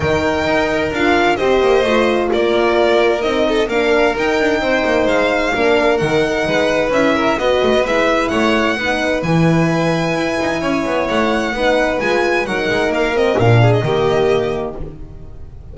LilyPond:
<<
  \new Staff \with { instrumentName = "violin" } { \time 4/4 \tempo 4 = 130 g''2 f''4 dis''4~ | dis''4 d''2 dis''4 | f''4 g''2 f''4~ | f''4 fis''2 e''4 |
dis''4 e''4 fis''2 | gis''1 | fis''2 gis''4 fis''4 | f''8 dis''8 f''8. dis''2~ dis''16 | }
  \new Staff \with { instrumentName = "violin" } { \time 4/4 ais'2. c''4~ | c''4 ais'2~ ais'8 a'8 | ais'2 c''2 | ais'2 b'4. ais'8 |
b'2 cis''4 b'4~ | b'2. cis''4~ | cis''4 b'2 ais'4~ | ais'4. gis'8 g'2 | }
  \new Staff \with { instrumentName = "horn" } { \time 4/4 dis'2 f'4 g'4 | f'2. dis'4 | d'4 dis'2. | d'4 dis'2 e'4 |
fis'4 e'2 dis'4 | e'1~ | e'4 dis'4 f'4 dis'4~ | dis'8 c'8 d'4 ais2 | }
  \new Staff \with { instrumentName = "double bass" } { \time 4/4 dis4 dis'4 d'4 c'8 ais8 | a4 ais2 c'4 | ais4 dis'8 d'8 c'8 ais8 gis4 | ais4 dis4 gis4 cis'4 |
b8 a16 b16 gis4 a4 b4 | e2 e'8 dis'8 cis'8 b8 | a4 b4 gis4 fis8 gis8 | ais4 ais,4 dis2 | }
>>